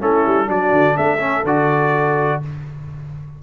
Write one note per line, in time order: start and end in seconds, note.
0.00 0.25 A3
0.00 0.47 C#4
0.00 0.49 E4
0.00 0.50 A4
0.27 0.48 G3
0.47 0.72 F#3
0.47 1.19 D4
0.47 0.96 F#4
0.47 0.97 D5
0.72 0.96 D3
0.96 1.44 A3
0.96 2.40 A4
0.96 1.46 E5
1.20 1.44 C#4
1.44 2.40 D3
1.44 2.43 F#4
1.44 2.43 D5